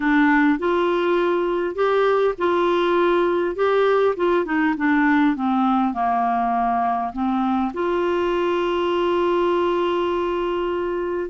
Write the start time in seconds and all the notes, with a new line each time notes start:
0.00 D4
0.59 F4
1.75 G4
2.38 F4
3.55 G4
4.16 F4
4.45 D#4
4.77 D4
5.36 C4
5.93 A#3
7.12 C4
7.73 F4